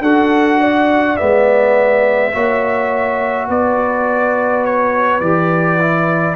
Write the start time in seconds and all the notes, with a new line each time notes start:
0.00 D4 F#4 A4 F#5
0.59 D5
1.16 G#3 B3 E5
2.32 A#3 F#4 C#5
3.47 B3 B4 D5
4.65 C#5
5.20 E3 G4 D5
5.80 E4